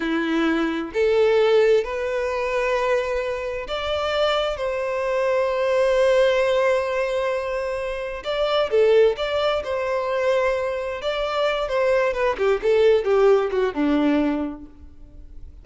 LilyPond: \new Staff \with { instrumentName = "violin" } { \time 4/4 \tempo 4 = 131 e'2 a'2 | b'1 | d''2 c''2~ | c''1~ |
c''2 d''4 a'4 | d''4 c''2. | d''4. c''4 b'8 g'8 a'8~ | a'8 g'4 fis'8 d'2 | }